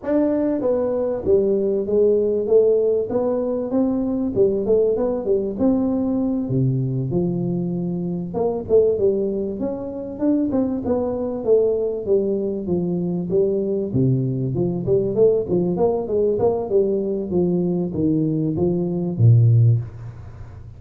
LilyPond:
\new Staff \with { instrumentName = "tuba" } { \time 4/4 \tempo 4 = 97 d'4 b4 g4 gis4 | a4 b4 c'4 g8 a8 | b8 g8 c'4. c4 f8~ | f4. ais8 a8 g4 cis'8~ |
cis'8 d'8 c'8 b4 a4 g8~ | g8 f4 g4 c4 f8 | g8 a8 f8 ais8 gis8 ais8 g4 | f4 dis4 f4 ais,4 | }